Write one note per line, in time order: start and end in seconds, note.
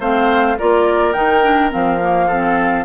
0.00 0.57 A3
0.00 0.57 C4
0.00 0.57 C5
0.00 0.58 F5
0.58 1.15 A#3
0.58 1.14 F4
0.58 2.27 A#4
0.58 1.13 D5
1.13 1.72 D#3
1.13 1.43 D#4
1.13 1.70 G5
1.43 1.70 D4
1.70 2.85 F3
1.70 1.99 C4
1.70 2.85 F5
2.02 2.30 A#3
2.27 2.85 C4
2.27 2.84 A4